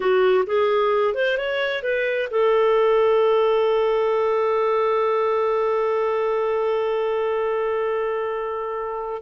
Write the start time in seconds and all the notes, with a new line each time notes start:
0.00 F#4
0.46 G#4
1.14 C5
1.37 C#5
1.83 B4
2.30 A4